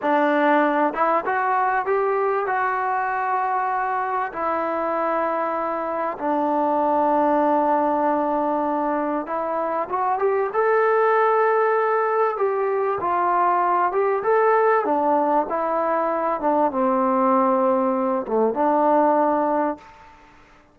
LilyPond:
\new Staff \with { instrumentName = "trombone" } { \time 4/4 \tempo 4 = 97 d'4. e'8 fis'4 g'4 | fis'2. e'4~ | e'2 d'2~ | d'2. e'4 |
fis'8 g'8 a'2. | g'4 f'4. g'8 a'4 | d'4 e'4. d'8 c'4~ | c'4. a8 d'2 | }